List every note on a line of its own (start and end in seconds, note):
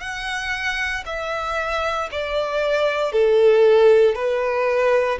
0.00 1.03 F#5
1.06 2.09 E5
2.11 3.12 D5
3.12 4.15 A4
4.15 5.18 B4